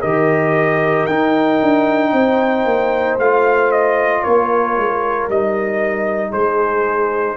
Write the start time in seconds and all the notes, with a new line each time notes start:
0.00 D#3 G4 A#4 D#5
1.06 D#4 G5
1.61 D4
2.12 C4 C5
2.65 A#3
3.18 A3 F4 F5
3.71 D#5
4.23 A#3 A#4 C#5
4.77 G#3
5.28 G3 D#4 D#5
6.30 G#3 G#4 C5